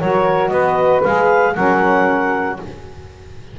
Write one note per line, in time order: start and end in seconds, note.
0.00 0.51 F#3
0.00 1.03 F#4
0.00 0.51 A#4
0.00 0.49 C#5
0.49 1.02 B3
0.49 1.54 B4
0.49 1.01 D#5
1.04 1.56 G#3
1.04 1.56 G#4
1.04 1.55 F5
1.55 2.60 F#3
1.55 2.58 C#4
1.55 2.58 A#4
1.55 2.58 F#5